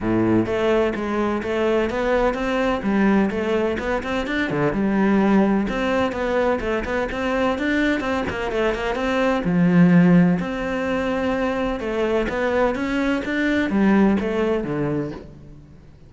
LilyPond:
\new Staff \with { instrumentName = "cello" } { \time 4/4 \tempo 4 = 127 a,4 a4 gis4 a4 | b4 c'4 g4 a4 | b8 c'8 d'8 d8 g2 | c'4 b4 a8 b8 c'4 |
d'4 c'8 ais8 a8 ais8 c'4 | f2 c'2~ | c'4 a4 b4 cis'4 | d'4 g4 a4 d4 | }